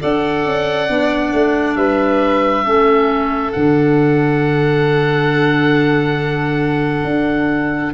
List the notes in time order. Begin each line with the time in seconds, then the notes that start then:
0.00 D4 A4 D5 F#5
0.45 C#4
0.89 B3 D4
1.33 A3
1.76 G3 B4 E5
2.64 A3 C#4 A4
3.52 D3 D4 F#5
7.04 D4